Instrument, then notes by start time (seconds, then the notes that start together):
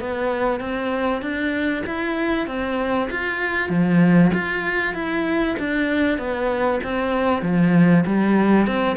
cello
0.00 B3
0.60 C4
1.21 D4
1.86 E4
2.47 C4
3.10 F4
3.69 F3
4.34 F4
4.94 E4
5.59 D4
6.18 B3
6.83 C4
7.42 F3
8.06 G3
8.67 C4